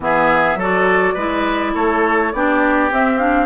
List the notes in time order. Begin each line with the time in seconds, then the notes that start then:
0.00 E3 B3 G#4 E5
0.55 F#3 F#4 A4
0.61 D5
1.13 G#3 E4 B4
1.74 A3 A4 C#5
2.33 B3 D4 G4 D5
2.91 C4 E5
3.18 D4 F5